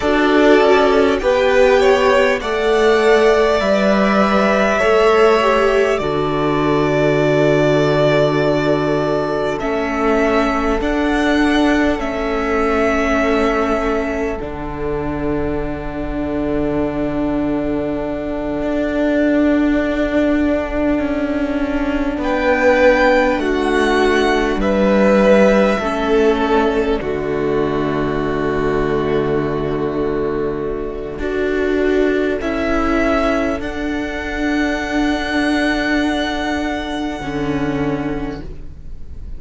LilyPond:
<<
  \new Staff \with { instrumentName = "violin" } { \time 4/4 \tempo 4 = 50 d''4 g''4 fis''4 e''4~ | e''4 d''2. | e''4 fis''4 e''2 | fis''1~ |
fis''2~ fis''8 g''4 fis''8~ | fis''8 e''4. d''2~ | d''2. e''4 | fis''1 | }
  \new Staff \with { instrumentName = "violin" } { \time 4/4 a'4 b'8 cis''8 d''2 | cis''4 a'2.~ | a'1~ | a'1~ |
a'2~ a'8 b'4 fis'8~ | fis'8 b'4 a'4 fis'4.~ | fis'2 a'2~ | a'1 | }
  \new Staff \with { instrumentName = "viola" } { \time 4/4 fis'4 g'4 a'4 b'4 | a'8 g'8 fis'2. | cis'4 d'4 cis'2 | d'1~ |
d'1~ | d'4. cis'4 a4.~ | a2 fis'4 e'4 | d'2. cis'4 | }
  \new Staff \with { instrumentName = "cello" } { \time 4/4 d'8 cis'8 b4 a4 g4 | a4 d2. | a4 d'4 a2 | d2.~ d8 d'8~ |
d'4. cis'4 b4 a8~ | a8 g4 a4 d4.~ | d2 d'4 cis'4 | d'2. d4 | }
>>